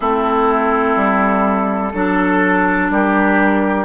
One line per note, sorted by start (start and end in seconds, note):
0.00 0.96 A3
0.00 1.93 C4
0.00 1.92 E4
0.00 2.88 A4
0.96 1.92 G3
1.93 2.90 F#3
1.93 3.85 D4
1.93 2.91 A4
2.90 3.85 G3
2.90 3.85 G4
2.90 3.85 A#4